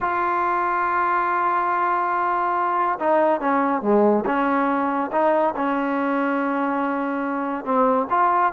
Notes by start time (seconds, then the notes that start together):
0.00 F4
2.99 D#4
3.40 C#4
3.82 G#3
4.25 C#4
5.12 D#4
5.56 C#4
7.64 C4
8.10 F4